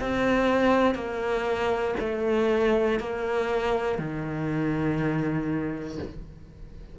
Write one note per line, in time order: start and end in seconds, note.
0.00 0.95 C4
0.95 1.95 A#3
1.99 2.99 A3
3.00 3.98 A#3
3.98 5.98 D#3